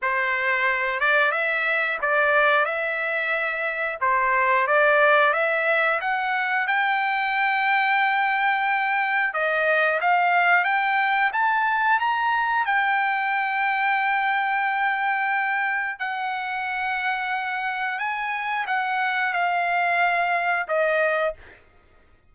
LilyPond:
\new Staff \with { instrumentName = "trumpet" } { \time 4/4 \tempo 4 = 90 c''4. d''8 e''4 d''4 | e''2 c''4 d''4 | e''4 fis''4 g''2~ | g''2 dis''4 f''4 |
g''4 a''4 ais''4 g''4~ | g''1 | fis''2. gis''4 | fis''4 f''2 dis''4 | }